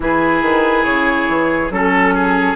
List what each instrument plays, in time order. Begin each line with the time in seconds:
0.00 bassoon E3, clarinet E4, oboe G#4, flute B4
0.42 bassoon D#3
0.84 bassoon C#3, flute C#5
1.28 bassoon E3
1.70 bassoon F#3, clarinet C#4, flute A4, oboe A4
2.14 oboe G#4